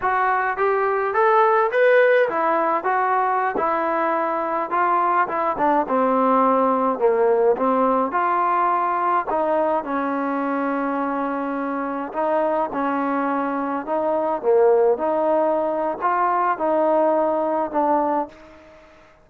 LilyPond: \new Staff \with { instrumentName = "trombone" } { \time 4/4 \tempo 4 = 105 fis'4 g'4 a'4 b'4 | e'4 fis'4~ fis'16 e'4.~ e'16~ | e'16 f'4 e'8 d'8 c'4.~ c'16~ | c'16 ais4 c'4 f'4.~ f'16~ |
f'16 dis'4 cis'2~ cis'8.~ | cis'4~ cis'16 dis'4 cis'4.~ cis'16~ | cis'16 dis'4 ais4 dis'4.~ dis'16 | f'4 dis'2 d'4 | }